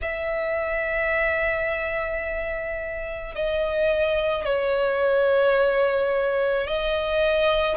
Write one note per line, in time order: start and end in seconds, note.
0.02 3.35 E5
3.35 4.45 D#5
4.45 6.67 C#5
6.67 7.77 D#5